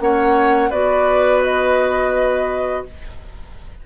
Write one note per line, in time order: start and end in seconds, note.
0.00 0.71 A#3
0.00 0.72 C#4
0.00 0.70 C#5
0.00 0.71 F#5
0.70 2.85 B3
0.70 2.86 F#4
0.70 2.84 B4
0.70 1.43 D5
1.43 2.86 D#5